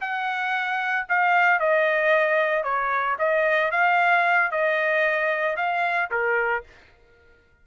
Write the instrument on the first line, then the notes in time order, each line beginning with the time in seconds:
trumpet
0.00 F#5
1.08 F5
1.59 D#5
2.63 C#5
3.19 D#5
3.71 F5
4.51 D#5
5.56 F5
6.10 A#4